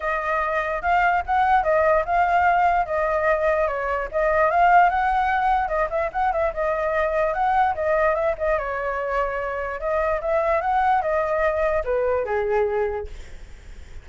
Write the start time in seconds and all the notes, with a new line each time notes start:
0.00 D#5
0.82 F5
1.26 F#5
1.63 D#5
2.05 F5
2.86 D#5
3.67 C#5
4.11 D#5
4.50 F5
4.89 F#5
5.67 D#5
5.89 E5
6.12 F#5
6.32 E5
6.53 D#5
7.33 F#5
7.75 D#5
8.14 E5
8.38 D#5
8.58 C#5
9.79 D#5
10.21 E5
10.61 F#5
11.01 D#5
11.84 B4
12.25 G#4